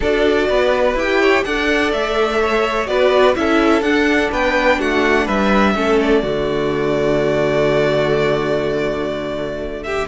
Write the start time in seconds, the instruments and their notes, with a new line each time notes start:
0.00 cello D4, viola F#4, violin A4 D5
0.49 cello B3, violin B4
0.93 cello E4, viola G4, violin G5
1.20 violin C#5
1.44 cello D4, viola A4, violin D5 F#5
1.92 cello A3, violin E5
2.41 violin C#5
2.86 cello B3, viola F#4, violin B4 D5
3.35 cello C#4, viola E4, violin A4 E5
3.81 cello D4, viola D4, violin F#5
4.31 cello B3, violin B4 G5
4.79 cello A3, violin F#4 F#5
5.25 cello G3, violin B4 E5
5.74 cello A3, viola C#4, violin A4
6.01 violin D5
6.22 cello D3, viola A3, violin F#4
9.83 violin G4 E5